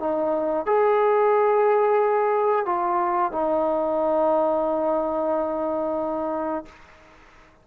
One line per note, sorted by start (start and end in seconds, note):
0.00 0.66 D#4
0.66 2.66 G#4
2.66 3.32 F4
3.32 6.66 D#4